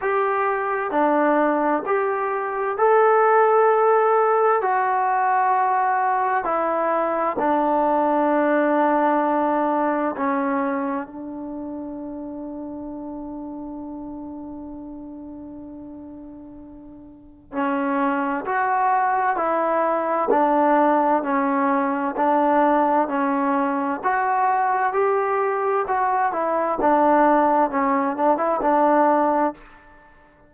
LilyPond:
\new Staff \with { instrumentName = "trombone" } { \time 4/4 \tempo 4 = 65 g'4 d'4 g'4 a'4~ | a'4 fis'2 e'4 | d'2. cis'4 | d'1~ |
d'2. cis'4 | fis'4 e'4 d'4 cis'4 | d'4 cis'4 fis'4 g'4 | fis'8 e'8 d'4 cis'8 d'16 e'16 d'4 | }